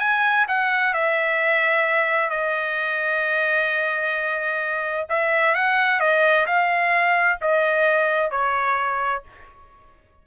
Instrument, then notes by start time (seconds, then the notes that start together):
trumpet
0.00 G#5
0.48 F#5
0.94 E5
2.30 D#5
5.09 E5
5.55 F#5
6.00 D#5
6.47 F5
7.41 D#5
8.31 C#5